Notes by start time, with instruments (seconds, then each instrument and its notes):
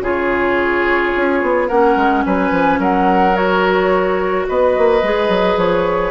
0.00 bassoon C#3, clarinet F4, oboe G#4
0.07 flute C#5
1.16 bassoon C#4
1.42 bassoon B3
1.67 bassoon A#3, clarinet C#4, oboe A#4, flute F#5
1.96 bassoon G#3
2.24 bassoon F#3, oboe B4, flute G#5
2.51 bassoon F3
2.79 bassoon F#3, oboe A#4, flute F#5
3.33 clarinet F#4, flute C#5
4.48 bassoon B3, oboe B4, flute D#5
4.77 bassoon A#3
5.03 bassoon G#3, clarinet G#4
5.28 bassoon F#3
5.56 bassoon F3, flute C#5